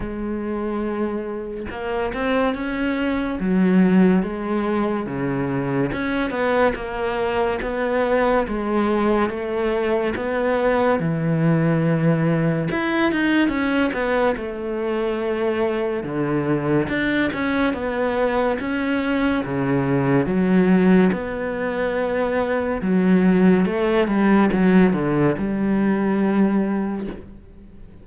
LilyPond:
\new Staff \with { instrumentName = "cello" } { \time 4/4 \tempo 4 = 71 gis2 ais8 c'8 cis'4 | fis4 gis4 cis4 cis'8 b8 | ais4 b4 gis4 a4 | b4 e2 e'8 dis'8 |
cis'8 b8 a2 d4 | d'8 cis'8 b4 cis'4 cis4 | fis4 b2 fis4 | a8 g8 fis8 d8 g2 | }